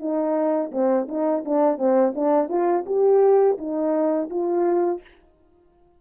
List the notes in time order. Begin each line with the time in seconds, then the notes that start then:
0.00 D#4
0.72 C4
1.09 D#4
1.46 D4
1.79 C4
2.16 D4
2.49 F4
2.86 G4
3.58 D#4
4.31 F4